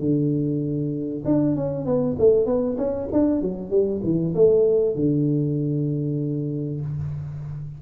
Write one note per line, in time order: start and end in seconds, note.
0.00 1.24 D3
1.25 1.56 D4
1.56 1.86 C#4
1.86 2.17 B3
2.19 2.46 A3
2.46 2.77 B3
2.78 3.09 C#4
3.13 3.42 D4
3.42 3.71 F#3
3.71 4.01 G3
4.04 4.35 E3
4.35 4.96 A3
4.96 6.81 D3